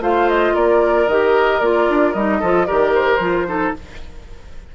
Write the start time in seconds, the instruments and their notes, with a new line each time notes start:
0.00 bassoon A3, clarinet F4, oboe C5, flute F5
0.29 flute D#5
0.54 bassoon A#3, oboe A#4, flute D5
1.07 bassoon D#3, clarinet G4, flute D#5
1.60 bassoon A#3, clarinet F4, flute D5
1.89 bassoon D4
2.13 bassoon G3, clarinet D#4, flute D#5
2.40 bassoon F3, clarinet F4, oboe A4
2.66 bassoon D#3, clarinet G4, oboe A#4, flute D5
2.94 flute C5
3.19 bassoon F3, clarinet F4
3.47 clarinet D#4, oboe A4